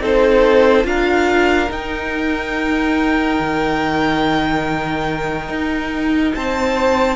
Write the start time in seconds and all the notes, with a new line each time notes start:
0.00 C4 D#4 A4 C5
0.84 D4 F4 A#4 F5
1.69 D#4 G5
3.40 D#3
5.49 D#4
6.34 C4 C5 A5